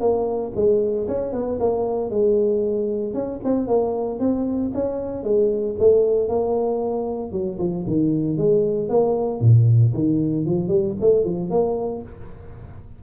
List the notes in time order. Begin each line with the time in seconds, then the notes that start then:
0.00 A#3
0.55 G#3
1.08 C#4
1.33 B3
1.60 A#3
2.10 G#3
3.14 C#4
3.44 C4
3.67 A#3
4.20 C4
4.74 C#4
5.23 G#3
5.79 A3
6.28 A#3
7.32 F#3
7.59 F3
7.87 D#3
8.37 G#3
8.89 A#3
9.41 A#2
9.94 D#3
10.45 F3
10.68 G3
11.01 A3
11.24 F3
11.50 A#3